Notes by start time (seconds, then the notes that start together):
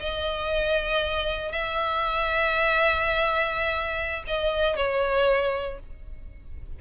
0.00 D#5
1.52 E5
4.27 D#5
4.76 C#5